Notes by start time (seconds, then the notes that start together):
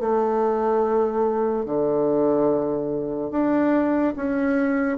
0.00 A3
1.66 D3
3.31 D4
4.16 C#4